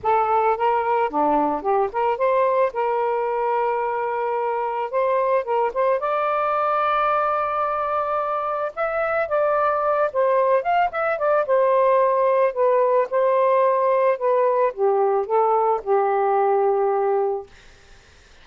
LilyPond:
\new Staff \with { instrumentName = "saxophone" } { \time 4/4 \tempo 4 = 110 a'4 ais'4 d'4 g'8 ais'8 | c''4 ais'2.~ | ais'4 c''4 ais'8 c''8 d''4~ | d''1 |
e''4 d''4. c''4 f''8 | e''8 d''8 c''2 b'4 | c''2 b'4 g'4 | a'4 g'2. | }